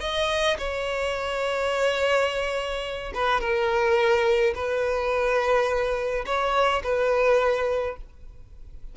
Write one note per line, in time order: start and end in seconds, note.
0.00 0.57 D#5
0.58 3.13 C#5
3.14 3.40 B4
3.40 4.54 A#4
4.55 6.25 B4
6.25 6.82 C#5
6.83 7.97 B4